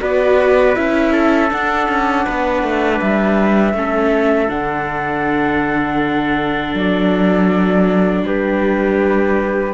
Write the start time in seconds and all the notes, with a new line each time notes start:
0.00 B3 F#4 B4 D5
0.75 C#4 E4 E5
1.12 A4
1.49 D4 F#5
1.88 C#4
2.25 B3 B4
2.62 A3
3.00 G3 E5
3.73 A3 C#4 A4
4.48 D3 D4 F#5
6.74 F#3 D5
8.22 G3 G4 B4